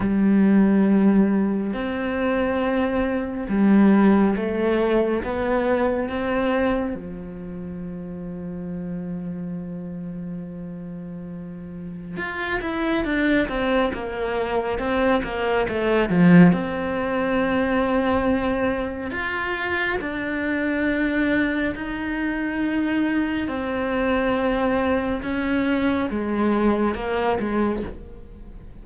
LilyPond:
\new Staff \with { instrumentName = "cello" } { \time 4/4 \tempo 4 = 69 g2 c'2 | g4 a4 b4 c'4 | f1~ | f2 f'8 e'8 d'8 c'8 |
ais4 c'8 ais8 a8 f8 c'4~ | c'2 f'4 d'4~ | d'4 dis'2 c'4~ | c'4 cis'4 gis4 ais8 gis8 | }